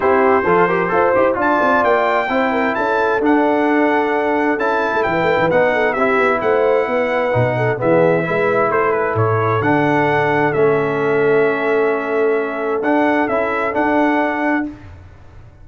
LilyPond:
<<
  \new Staff \with { instrumentName = "trumpet" } { \time 4/4 \tempo 4 = 131 c''2. a''4 | g''2 a''4 fis''4~ | fis''2 a''4 g''4 | fis''4 e''4 fis''2~ |
fis''4 e''2 c''8 b'8 | cis''4 fis''2 e''4~ | e''1 | fis''4 e''4 fis''2 | }
  \new Staff \with { instrumentName = "horn" } { \time 4/4 g'4 a'8 ais'8 c''4 d''4~ | d''4 c''8 ais'8 a'2~ | a'2. b'4~ | b'8 a'8 g'4 c''4 b'4~ |
b'8 a'8 gis'4 b'4 a'4~ | a'1~ | a'1~ | a'1 | }
  \new Staff \with { instrumentName = "trombone" } { \time 4/4 e'4 f'8 g'8 a'8 g'8 f'4~ | f'4 e'2 d'4~ | d'2 e'2 | dis'4 e'2. |
dis'4 b4 e'2~ | e'4 d'2 cis'4~ | cis'1 | d'4 e'4 d'2 | }
  \new Staff \with { instrumentName = "tuba" } { \time 4/4 c'4 f4 f'8 e'8 d'8 c'8 | ais4 c'4 cis'4 d'4~ | d'2 cis'8. a16 e8 a16 e16 | b4 c'8 b8 a4 b4 |
b,4 e4 gis4 a4 | a,4 d2 a4~ | a1 | d'4 cis'4 d'2 | }
>>